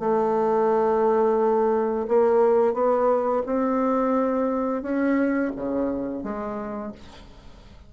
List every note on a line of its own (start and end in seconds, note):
0.00 2.07 A3
2.08 2.74 A#3
2.74 3.43 B3
3.46 4.83 C4
4.83 5.52 C#4
5.56 6.23 C#3
6.23 6.92 G#3